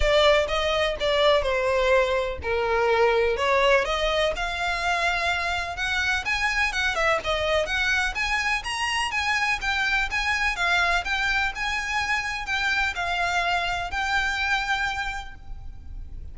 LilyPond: \new Staff \with { instrumentName = "violin" } { \time 4/4 \tempo 4 = 125 d''4 dis''4 d''4 c''4~ | c''4 ais'2 cis''4 | dis''4 f''2. | fis''4 gis''4 fis''8 e''8 dis''4 |
fis''4 gis''4 ais''4 gis''4 | g''4 gis''4 f''4 g''4 | gis''2 g''4 f''4~ | f''4 g''2. | }